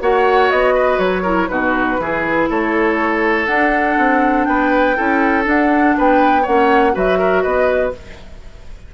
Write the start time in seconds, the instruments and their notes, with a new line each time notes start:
0.00 bassoon A#3, clarinet F#4, oboe C#5, flute F#5
0.50 bassoon B3, flute D#5
0.74 oboe B4
0.98 bassoon F#3, flute C#5
1.22 clarinet E4, oboe A#4
1.48 bassoon B2, clarinet D#4, oboe F#4, flute B4
1.98 bassoon E3, clarinet E4, oboe G#4
2.49 bassoon A3, oboe A4, flute C#5
3.46 bassoon D4, clarinet D4, flute F#5
3.98 bassoon C4
4.44 bassoon B3, oboe B4, flute G5
4.96 bassoon C#4, clarinet E4, oboe A4
5.44 clarinet D4, bassoon D4, flute F#5
5.97 bassoon B3, oboe B4, flute G5
6.42 bassoon A#3, clarinet C#4, oboe C#5, flute F#5
6.93 bassoon F#3, clarinet F#4, oboe B4, flute E5
7.18 oboe A#4
7.42 bassoon B3, oboe B4, flute D#5